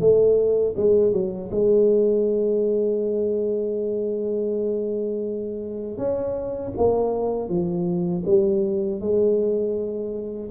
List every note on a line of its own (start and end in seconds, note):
0.00 0.75 A3
0.77 1.12 G#3
1.12 1.50 F#3
1.51 5.97 G#3
5.97 6.72 C#4
6.77 7.49 A#3
7.49 8.24 F3
8.26 9.00 G3
9.00 10.50 G#3